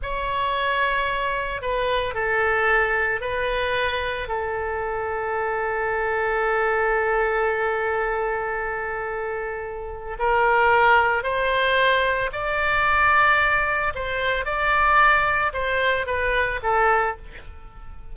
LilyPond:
\new Staff \with { instrumentName = "oboe" } { \time 4/4 \tempo 4 = 112 cis''2. b'4 | a'2 b'2 | a'1~ | a'1~ |
a'2. ais'4~ | ais'4 c''2 d''4~ | d''2 c''4 d''4~ | d''4 c''4 b'4 a'4 | }